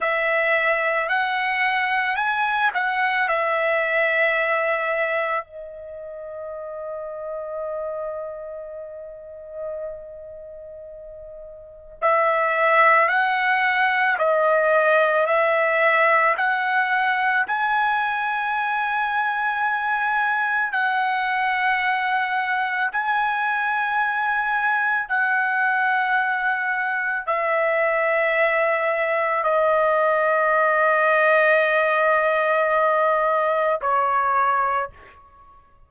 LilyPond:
\new Staff \with { instrumentName = "trumpet" } { \time 4/4 \tempo 4 = 55 e''4 fis''4 gis''8 fis''8 e''4~ | e''4 dis''2.~ | dis''2. e''4 | fis''4 dis''4 e''4 fis''4 |
gis''2. fis''4~ | fis''4 gis''2 fis''4~ | fis''4 e''2 dis''4~ | dis''2. cis''4 | }